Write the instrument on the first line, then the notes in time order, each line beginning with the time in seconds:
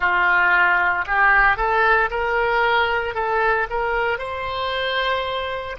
oboe
0.00 F4
1.07 G4
1.56 A4
2.10 A#4
3.14 A4
3.70 A#4
4.18 C5